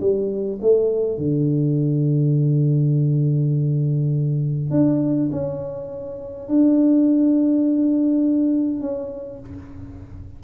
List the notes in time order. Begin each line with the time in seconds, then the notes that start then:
0.00 G3
0.61 A3
1.17 D3
4.71 D4
5.32 C#4
6.48 D4
8.80 C#4